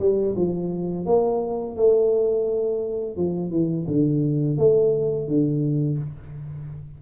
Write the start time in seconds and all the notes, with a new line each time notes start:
0.00 G3
0.36 F3
1.06 A#3
1.76 A3
3.17 F3
3.51 E3
3.88 D3
4.58 A3
5.28 D3